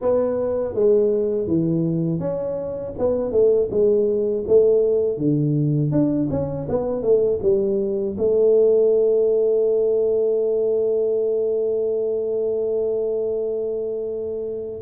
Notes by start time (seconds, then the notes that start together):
0.01 B3
0.74 G#3
1.46 E3
2.19 C#4
2.98 B3
3.31 A3
3.70 G#3
4.47 A3
5.17 D3
5.91 D4
6.30 C#4
6.69 B3
7.02 A3
7.42 G3
8.17 A3